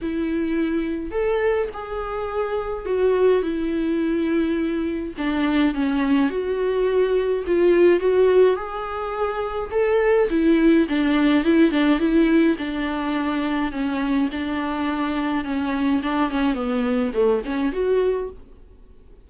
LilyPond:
\new Staff \with { instrumentName = "viola" } { \time 4/4 \tempo 4 = 105 e'2 a'4 gis'4~ | gis'4 fis'4 e'2~ | e'4 d'4 cis'4 fis'4~ | fis'4 f'4 fis'4 gis'4~ |
gis'4 a'4 e'4 d'4 | e'8 d'8 e'4 d'2 | cis'4 d'2 cis'4 | d'8 cis'8 b4 a8 cis'8 fis'4 | }